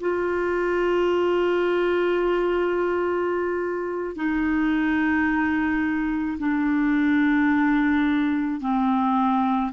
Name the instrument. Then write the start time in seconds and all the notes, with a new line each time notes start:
clarinet
0.00 F4
4.16 D#4
6.38 D4
8.61 C4